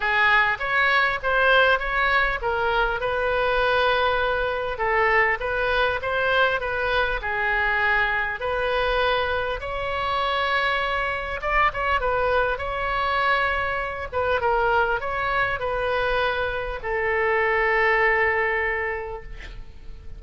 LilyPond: \new Staff \with { instrumentName = "oboe" } { \time 4/4 \tempo 4 = 100 gis'4 cis''4 c''4 cis''4 | ais'4 b'2. | a'4 b'4 c''4 b'4 | gis'2 b'2 |
cis''2. d''8 cis''8 | b'4 cis''2~ cis''8 b'8 | ais'4 cis''4 b'2 | a'1 | }